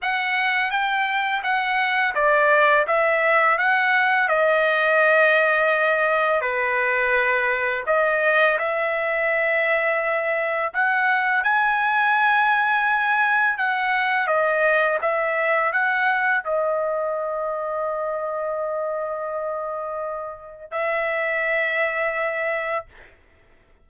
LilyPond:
\new Staff \with { instrumentName = "trumpet" } { \time 4/4 \tempo 4 = 84 fis''4 g''4 fis''4 d''4 | e''4 fis''4 dis''2~ | dis''4 b'2 dis''4 | e''2. fis''4 |
gis''2. fis''4 | dis''4 e''4 fis''4 dis''4~ | dis''1~ | dis''4 e''2. | }